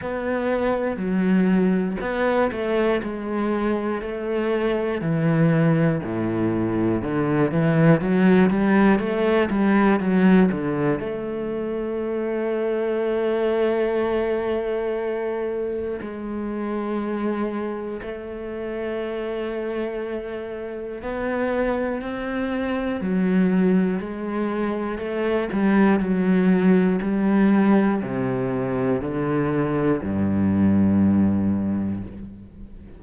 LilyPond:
\new Staff \with { instrumentName = "cello" } { \time 4/4 \tempo 4 = 60 b4 fis4 b8 a8 gis4 | a4 e4 a,4 d8 e8 | fis8 g8 a8 g8 fis8 d8 a4~ | a1 |
gis2 a2~ | a4 b4 c'4 fis4 | gis4 a8 g8 fis4 g4 | c4 d4 g,2 | }